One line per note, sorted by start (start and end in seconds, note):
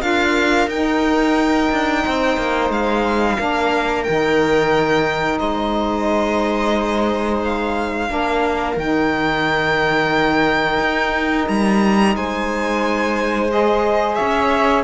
0.00 0.67 D4
0.00 0.67 F4
0.00 2.03 A#4
0.00 0.68 F5
0.67 1.68 D#4
0.67 2.71 G5
0.73 3.37 D#4
1.71 2.05 D4
2.04 2.37 C4
2.04 3.37 C5
2.37 2.70 A#3
2.70 3.37 G#3
2.70 4.03 F5
3.37 4.07 A#3
3.37 4.05 D4
3.37 5.39 A#4
4.03 5.40 D#3
4.03 8.07 D#4
4.03 5.38 G5
5.38 8.09 G#3
5.38 8.09 C5
5.38 7.41 D#5
7.44 8.78 F5
8.07 8.76 A#3
8.07 8.75 D4
8.07 12.16 A#4
8.76 10.79 D#3
8.76 13.49 D#4
8.76 11.48 G5
10.79 11.47 D#4
11.48 12.16 G3
11.48 12.15 A#5
12.16 14.18 G#3
12.16 14.16 C5
12.16 13.51 G#5
13.49 14.84 G#4
13.49 14.14 D#5
14.14 14.84 C#4
14.14 14.84 C#5
14.14 14.82 E5